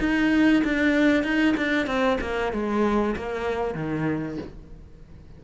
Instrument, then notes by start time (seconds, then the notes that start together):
cello
0.00 D#4
0.65 D4
1.23 D#4
1.57 D4
1.87 C4
2.21 A#3
2.53 G#3
3.16 A#3
3.75 D#3